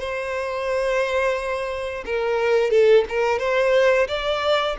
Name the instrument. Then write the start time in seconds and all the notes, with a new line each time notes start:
violin
0.00 C5
2.05 A#4
2.71 A4
3.09 A#4
3.39 C5
4.08 D5